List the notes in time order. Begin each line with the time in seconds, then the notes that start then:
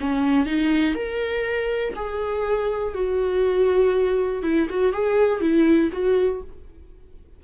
0.00 C#4
0.46 D#4
0.94 A#4
1.95 G#4
2.94 F#4
4.42 E4
4.69 F#4
4.92 G#4
5.40 E4
5.92 F#4